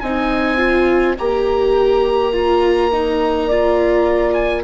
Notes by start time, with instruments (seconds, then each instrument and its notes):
0.00 bassoon C4, viola D#4, horn D#5, oboe G#5
0.57 viola F4
1.18 bassoon A#3, viola G4, oboe A#5
2.32 viola F4
2.92 viola D#4
3.46 viola F4, horn D5
4.33 oboe G#5